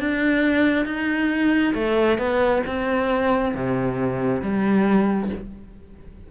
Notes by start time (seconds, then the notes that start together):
0.00 D4
0.86 D#4
1.74 A3
2.18 B3
2.67 C4
3.55 C3
4.42 G3